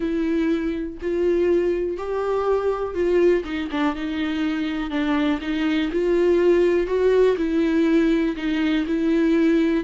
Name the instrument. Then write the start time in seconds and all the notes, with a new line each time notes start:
viola
0.00 E4
1.01 F4
1.97 G4
2.94 F4
3.44 D#4
3.71 D4
3.95 D#4
4.90 D4
5.41 D#4
5.92 F4
6.87 F#4
7.37 E4
8.36 D#4
8.86 E4